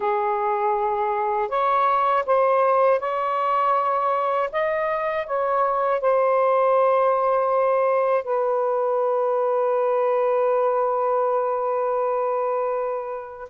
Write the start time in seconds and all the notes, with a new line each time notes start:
0.00 G#4
1.48 C#5
2.26 C5
2.99 C#5
4.52 D#5
5.26 C#5
6.00 C5
8.24 B4